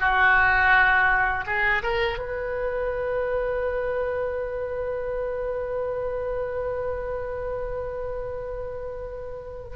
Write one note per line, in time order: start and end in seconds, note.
0.00 1.45 F#4
1.46 1.82 G#4
1.83 2.19 A#4
2.19 9.76 B4